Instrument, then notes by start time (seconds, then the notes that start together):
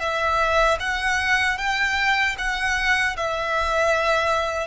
violin
0.00 E5
0.80 F#5
1.58 G5
2.38 F#5
3.17 E5